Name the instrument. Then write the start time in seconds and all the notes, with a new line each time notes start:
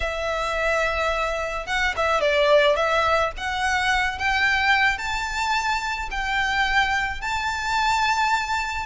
violin
0.00 E5
1.66 F#5
1.96 E5
2.20 D5
2.76 E5
3.37 F#5
4.18 G5
4.98 A5
6.10 G5
7.21 A5